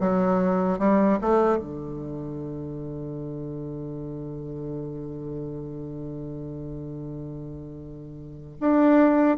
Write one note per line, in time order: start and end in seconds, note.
0.00 0.79 F#3
0.79 1.19 G3
1.21 1.58 A3
1.58 8.58 D3
8.61 9.38 D4